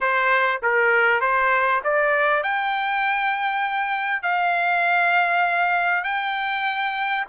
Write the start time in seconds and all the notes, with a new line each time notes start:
0.00 C5
0.62 A#4
1.21 C5
1.83 D5
2.43 G5
4.22 F5
6.04 G5